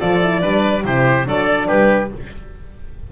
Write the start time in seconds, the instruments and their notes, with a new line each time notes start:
0.00 double bass F3, horn F4, oboe A4, violin D5
0.24 horn E4
0.42 double bass G3, horn D4, oboe B4
0.84 double bass C3, horn E4, oboe G4, violin C5
1.25 double bass F#3, horn D4, oboe A4, violin D5
1.68 double bass G3, oboe G4, violin B4